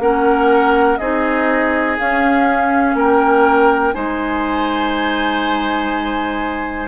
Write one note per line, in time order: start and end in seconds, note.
0.00 0.98 A#3
0.00 1.00 C#4
0.00 1.00 A#4
0.00 0.98 F#5
0.98 1.99 C4
0.98 1.98 D#4
0.98 2.96 G#4
0.98 1.96 D#5
1.98 3.94 C#4
1.98 2.95 C#4
1.98 2.97 F5
2.95 3.93 A#3
2.95 3.95 A#4
2.95 3.94 G5
3.94 6.89 G#3
3.94 6.89 D#4
3.94 6.89 C5
3.94 6.89 G#5